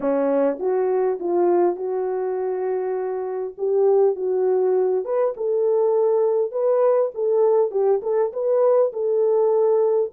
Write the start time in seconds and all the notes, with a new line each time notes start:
0.00 C#4
0.59 F#4
1.19 F4
1.76 F#4
3.57 G4
4.15 F#4
5.04 B4
5.36 A4
6.51 B4
7.14 A4
7.71 G4
8.02 A4
8.32 B4
8.93 A4